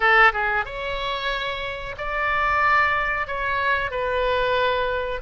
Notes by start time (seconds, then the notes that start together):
0.00 A4
0.33 G#4
0.65 C#5
1.97 D5
3.27 C#5
3.90 B4